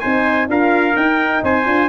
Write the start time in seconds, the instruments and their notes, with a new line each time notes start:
0.00 tuba C4, horn D#4, trumpet C5 G#5
0.48 tuba D4, horn F4, trumpet A#4 F5
0.96 tuba D#4, horn D#4, trumpet G5
1.43 tuba C4, trumpet C5 G#5
1.65 tuba D4, horn F4